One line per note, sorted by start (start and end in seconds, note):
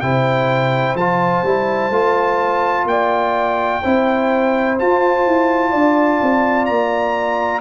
0.00 0.94 C3
0.00 0.97 E4
0.00 2.88 C5
0.00 0.95 G5
0.94 1.42 F3
0.94 1.45 F4
0.94 2.87 A5
1.43 1.90 G3
1.43 1.92 E4
1.90 2.84 A3
1.90 3.82 F4
2.84 3.79 A#3
2.84 3.82 D5
2.84 4.78 G5
3.82 4.79 C4
3.82 4.78 E4
3.82 5.70 C5
4.78 7.61 F4
4.78 5.26 F4
4.78 6.65 A5
5.26 5.73 E4
5.70 6.21 D4
5.70 7.61 D5
6.22 6.69 C4
6.65 7.61 A#3
6.65 7.61 A#5